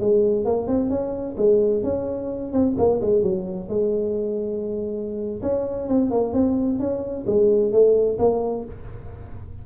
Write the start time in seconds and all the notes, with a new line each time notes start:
0.00 G#3
0.45 A#3
0.68 C4
0.90 C#4
1.37 G#3
1.84 C#4
2.53 C4
2.78 A#3
3.01 G#3
3.23 F#3
3.69 G#3
5.43 C#4
5.89 C4
6.11 A#3
6.34 C4
6.80 C#4
7.27 G#3
7.72 A3
8.19 A#3